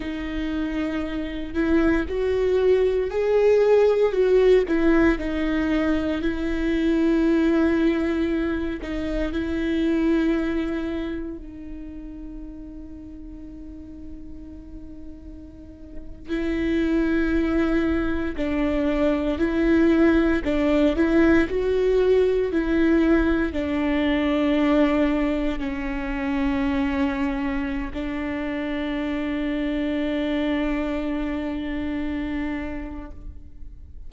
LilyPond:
\new Staff \with { instrumentName = "viola" } { \time 4/4 \tempo 4 = 58 dis'4. e'8 fis'4 gis'4 | fis'8 e'8 dis'4 e'2~ | e'8 dis'8 e'2 dis'4~ | dis'2.~ dis'8. e'16~ |
e'4.~ e'16 d'4 e'4 d'16~ | d'16 e'8 fis'4 e'4 d'4~ d'16~ | d'8. cis'2~ cis'16 d'4~ | d'1 | }